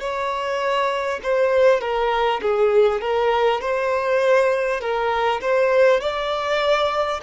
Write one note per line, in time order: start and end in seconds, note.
0.00 1.20 C#5
1.23 1.81 C5
1.81 2.41 A#4
2.42 3.01 G#4
3.01 3.61 A#4
3.61 4.81 C5
4.81 5.41 A#4
5.41 6.00 C5
6.00 7.20 D5